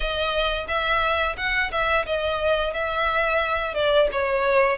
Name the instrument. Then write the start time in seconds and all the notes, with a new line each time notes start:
violin
0.00 D#5
0.68 E5
1.37 F#5
1.71 E5
2.05 D#5
2.73 E5
3.74 D5
4.12 C#5